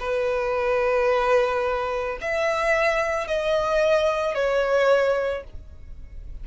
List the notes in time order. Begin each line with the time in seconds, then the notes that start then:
0.00 B4
2.21 E5
3.28 D#5
4.35 C#5